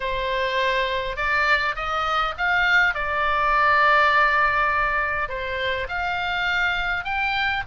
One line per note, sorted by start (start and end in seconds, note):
0.00 1.16 C5
1.16 1.75 D5
1.75 2.34 D#5
2.37 2.94 F5
2.94 5.29 D5
5.29 5.87 C5
5.88 7.04 F5
7.04 7.63 G5